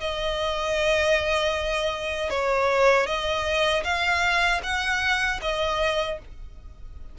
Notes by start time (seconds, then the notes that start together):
0.00 D#5
2.30 C#5
3.06 D#5
3.84 F5
4.63 F#5
5.41 D#5